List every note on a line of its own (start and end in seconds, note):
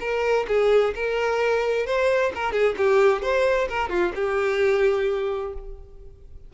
0.00 0.46 A#4
0.48 0.94 G#4
0.95 1.86 A#4
1.86 2.32 C5
2.35 2.52 A#4
2.52 2.75 G#4
2.77 3.22 G4
3.22 3.68 C5
3.69 3.89 A#4
3.89 4.12 F4
4.15 5.53 G4